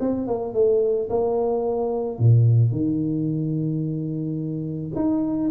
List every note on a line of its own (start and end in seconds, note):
0.00 0.27 C4
0.27 0.54 A#3
0.54 1.09 A3
1.10 2.19 A#3
2.19 2.71 A#2
2.71 4.92 D#3
4.95 5.50 D#4